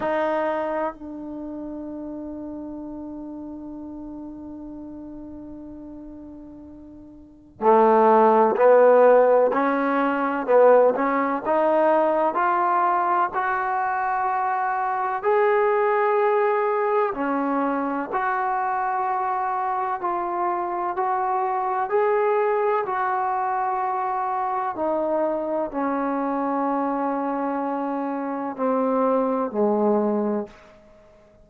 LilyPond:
\new Staff \with { instrumentName = "trombone" } { \time 4/4 \tempo 4 = 63 dis'4 d'2.~ | d'1 | a4 b4 cis'4 b8 cis'8 | dis'4 f'4 fis'2 |
gis'2 cis'4 fis'4~ | fis'4 f'4 fis'4 gis'4 | fis'2 dis'4 cis'4~ | cis'2 c'4 gis4 | }